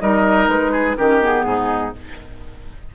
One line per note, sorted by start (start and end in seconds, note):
0.00 0.48 G3
0.00 0.97 D#4
0.00 0.72 A#4
0.00 0.48 D#5
0.48 0.96 G#3
0.48 0.96 B4
0.72 0.96 G#4
0.96 1.44 D#3
0.96 1.21 C#4
0.96 1.45 G4
0.96 1.20 A#4
1.21 1.93 B3
1.21 1.95 G#4
1.44 1.92 G#2
1.44 1.94 D#4